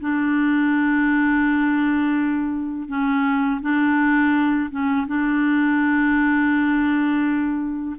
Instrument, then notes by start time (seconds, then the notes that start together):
clarinet
0.00 D4
2.88 C#4
3.61 D4
4.70 C#4
5.07 D4